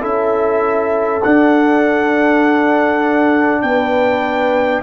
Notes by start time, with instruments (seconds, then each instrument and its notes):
0.00 tuba C#4, trombone E4, horn A4, trumpet E5
1.23 trombone D4, tuba D4, trumpet F#5
3.62 tuba B3, horn B4, trumpet G5